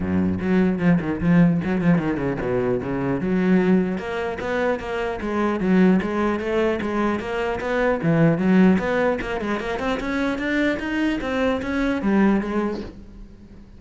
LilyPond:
\new Staff \with { instrumentName = "cello" } { \time 4/4 \tempo 4 = 150 fis,4 fis4 f8 dis8 f4 | fis8 f8 dis8 cis8 b,4 cis4 | fis2 ais4 b4 | ais4 gis4 fis4 gis4 |
a4 gis4 ais4 b4 | e4 fis4 b4 ais8 gis8 | ais8 c'8 cis'4 d'4 dis'4 | c'4 cis'4 g4 gis4 | }